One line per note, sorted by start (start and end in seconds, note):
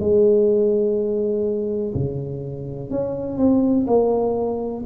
0.00 1.94 G#3
1.94 2.91 C#3
2.91 3.38 C#4
3.38 3.86 C4
3.88 4.84 A#3